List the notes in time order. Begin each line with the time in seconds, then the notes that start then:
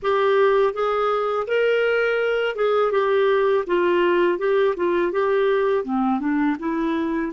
0.02 G4
0.73 G#4
1.47 A#4
2.55 G#4
2.91 G4
3.67 F4
4.38 G4
4.76 F4
5.12 G4
5.84 C4
6.20 D4
6.59 E4